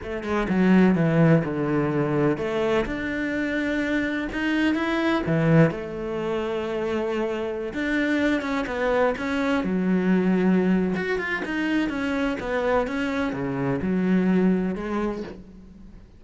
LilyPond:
\new Staff \with { instrumentName = "cello" } { \time 4/4 \tempo 4 = 126 a8 gis8 fis4 e4 d4~ | d4 a4 d'2~ | d'4 dis'4 e'4 e4 | a1~ |
a16 d'4. cis'8 b4 cis'8.~ | cis'16 fis2~ fis8. fis'8 f'8 | dis'4 cis'4 b4 cis'4 | cis4 fis2 gis4 | }